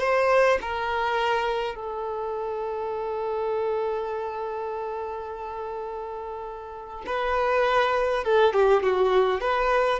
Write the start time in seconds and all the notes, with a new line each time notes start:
0.00 C5
0.62 A#4
1.75 A4
7.07 B4
8.25 A4
8.54 G4
8.83 F#4
9.41 B4